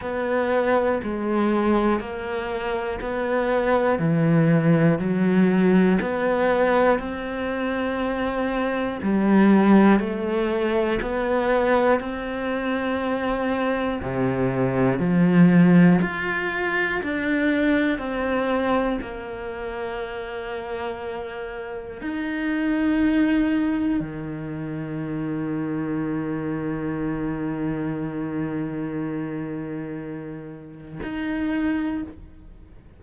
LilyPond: \new Staff \with { instrumentName = "cello" } { \time 4/4 \tempo 4 = 60 b4 gis4 ais4 b4 | e4 fis4 b4 c'4~ | c'4 g4 a4 b4 | c'2 c4 f4 |
f'4 d'4 c'4 ais4~ | ais2 dis'2 | dis1~ | dis2. dis'4 | }